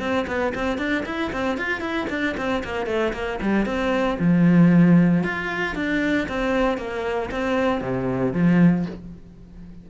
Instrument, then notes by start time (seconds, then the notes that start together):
cello
0.00 C4
0.28 B3
0.55 C4
0.78 D4
1.06 E4
1.33 C4
1.58 F4
1.81 E4
2.10 D4
2.38 C4
2.65 A#3
2.87 A3
3.14 A#3
3.42 G3
3.66 C4
4.20 F3
5.24 F4
5.76 D4
6.29 C4
6.78 A#3
7.32 C4
7.82 C3
8.34 F3